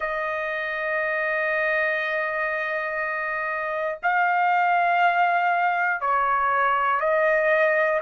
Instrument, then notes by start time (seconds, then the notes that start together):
trumpet
0.00 D#5
4.02 F5
6.00 C#5
7.00 D#5